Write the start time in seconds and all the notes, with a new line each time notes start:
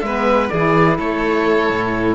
0.00 G#3 B3 B4 E5
0.49 E3 E4 G#4 D5
0.98 A3 A4 C#5
1.70 A2